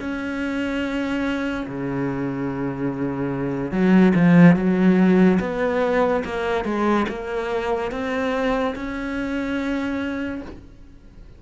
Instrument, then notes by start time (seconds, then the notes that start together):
cello
0.00 C#4
1.68 C#3
3.72 F#3
4.16 F3
4.56 F#3
5.41 B3
6.25 A#3
6.65 G#3
7.09 A#3
7.92 C4
8.76 C#4